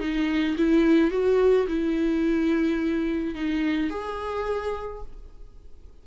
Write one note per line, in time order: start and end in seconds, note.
0.00 0.56 D#4
0.57 1.11 E4
1.11 1.67 F#4
1.67 3.35 E4
3.35 3.90 D#4
3.90 5.02 G#4